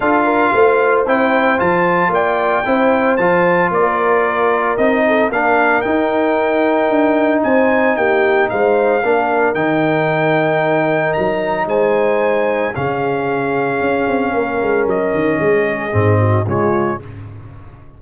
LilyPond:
<<
  \new Staff \with { instrumentName = "trumpet" } { \time 4/4 \tempo 4 = 113 f''2 g''4 a''4 | g''2 a''4 d''4~ | d''4 dis''4 f''4 g''4~ | g''2 gis''4 g''4 |
f''2 g''2~ | g''4 ais''4 gis''2 | f''1 | dis''2. cis''4 | }
  \new Staff \with { instrumentName = "horn" } { \time 4/4 a'8 ais'8 c''2. | d''4 c''2 ais'4~ | ais'4. a'8 ais'2~ | ais'2 c''4 g'4 |
c''4 ais'2.~ | ais'2 c''2 | gis'2. ais'4~ | ais'4 gis'4. fis'8 f'4 | }
  \new Staff \with { instrumentName = "trombone" } { \time 4/4 f'2 e'4 f'4~ | f'4 e'4 f'2~ | f'4 dis'4 d'4 dis'4~ | dis'1~ |
dis'4 d'4 dis'2~ | dis'1 | cis'1~ | cis'2 c'4 gis4 | }
  \new Staff \with { instrumentName = "tuba" } { \time 4/4 d'4 a4 c'4 f4 | ais4 c'4 f4 ais4~ | ais4 c'4 ais4 dis'4~ | dis'4 d'4 c'4 ais4 |
gis4 ais4 dis2~ | dis4 fis4 gis2 | cis2 cis'8 c'8 ais8 gis8 | fis8 dis8 gis4 gis,4 cis4 | }
>>